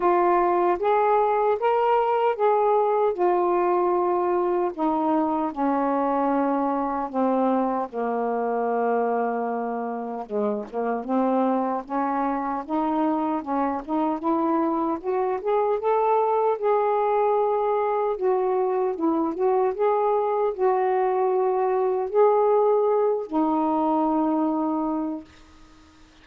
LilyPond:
\new Staff \with { instrumentName = "saxophone" } { \time 4/4 \tempo 4 = 76 f'4 gis'4 ais'4 gis'4 | f'2 dis'4 cis'4~ | cis'4 c'4 ais2~ | ais4 gis8 ais8 c'4 cis'4 |
dis'4 cis'8 dis'8 e'4 fis'8 gis'8 | a'4 gis'2 fis'4 | e'8 fis'8 gis'4 fis'2 | gis'4. dis'2~ dis'8 | }